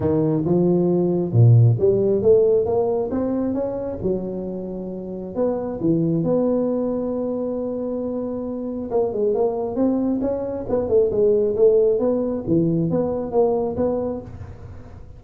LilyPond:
\new Staff \with { instrumentName = "tuba" } { \time 4/4 \tempo 4 = 135 dis4 f2 ais,4 | g4 a4 ais4 c'4 | cis'4 fis2. | b4 e4 b2~ |
b1 | ais8 gis8 ais4 c'4 cis'4 | b8 a8 gis4 a4 b4 | e4 b4 ais4 b4 | }